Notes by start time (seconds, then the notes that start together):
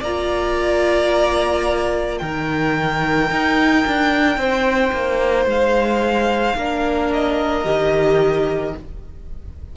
0.00 A#3 F4 D5 A#5
2.18 D#3 D#4 A#4 G5
3.31 D#4
3.86 D4
4.37 C4 C5
4.92 A#3
5.45 G#3 F5
6.56 A#3 D4 A#4
7.13 D#5
7.64 D#3 G4